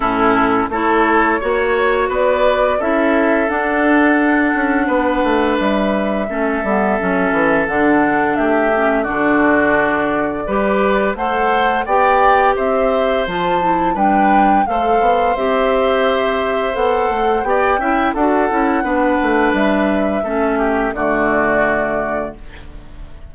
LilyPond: <<
  \new Staff \with { instrumentName = "flute" } { \time 4/4 \tempo 4 = 86 a'4 cis''2 d''4 | e''4 fis''2. | e''2. fis''4 | e''4 d''2. |
fis''4 g''4 e''4 a''4 | g''4 f''4 e''2 | fis''4 g''4 fis''2 | e''2 d''2 | }
  \new Staff \with { instrumentName = "oboe" } { \time 4/4 e'4 a'4 cis''4 b'4 | a'2. b'4~ | b'4 a'2. | g'4 fis'2 b'4 |
c''4 d''4 c''2 | b'4 c''2.~ | c''4 d''8 e''8 a'4 b'4~ | b'4 a'8 g'8 fis'2 | }
  \new Staff \with { instrumentName = "clarinet" } { \time 4/4 cis'4 e'4 fis'2 | e'4 d'2.~ | d'4 cis'8 b8 cis'4 d'4~ | d'8 cis'8 d'2 g'4 |
a'4 g'2 f'8 e'8 | d'4 a'4 g'2 | a'4 g'8 e'8 fis'8 e'8 d'4~ | d'4 cis'4 a2 | }
  \new Staff \with { instrumentName = "bassoon" } { \time 4/4 a,4 a4 ais4 b4 | cis'4 d'4. cis'8 b8 a8 | g4 a8 g8 fis8 e8 d4 | a4 d2 g4 |
a4 b4 c'4 f4 | g4 a8 b8 c'2 | b8 a8 b8 cis'8 d'8 cis'8 b8 a8 | g4 a4 d2 | }
>>